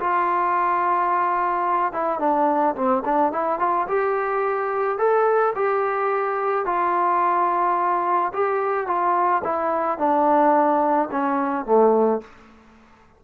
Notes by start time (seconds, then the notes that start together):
0.00 F4
1.93 E4
2.20 D4
2.76 C4
3.05 D4
3.32 E4
3.59 F4
3.88 G4
4.99 A4
5.56 G4
6.66 F4
8.34 G4
8.87 F4
9.44 E4
9.98 D4
11.12 C#4
11.66 A3